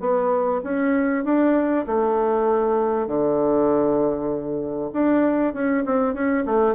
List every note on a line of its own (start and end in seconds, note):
0.00 0.61 B3
0.64 1.24 C#4
1.24 1.86 D4
1.86 3.08 A3
3.08 4.91 D3
4.93 5.54 D4
5.54 5.84 C#4
5.86 6.14 C4
6.14 6.45 C#4
6.46 6.75 A3